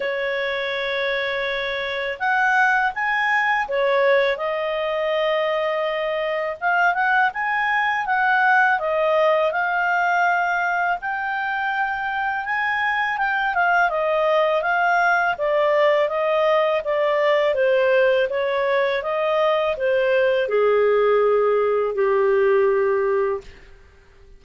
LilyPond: \new Staff \with { instrumentName = "clarinet" } { \time 4/4 \tempo 4 = 82 cis''2. fis''4 | gis''4 cis''4 dis''2~ | dis''4 f''8 fis''8 gis''4 fis''4 | dis''4 f''2 g''4~ |
g''4 gis''4 g''8 f''8 dis''4 | f''4 d''4 dis''4 d''4 | c''4 cis''4 dis''4 c''4 | gis'2 g'2 | }